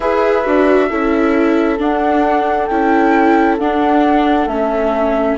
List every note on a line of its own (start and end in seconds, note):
0.00 0.44 E4
0.00 0.44 G#4
0.00 0.87 B4
0.00 1.79 E5
0.44 0.90 D4
0.44 0.89 F#4
0.89 1.79 C#4
0.89 1.78 E4
0.89 5.37 A4
1.78 2.68 D4
1.78 2.66 F#5
2.66 3.59 C#4
2.66 3.60 E4
2.66 3.56 G5
3.58 4.46 D4
3.58 4.49 D4
3.58 4.47 F#5
4.46 5.36 A3
4.46 5.38 C#4
4.46 5.37 E5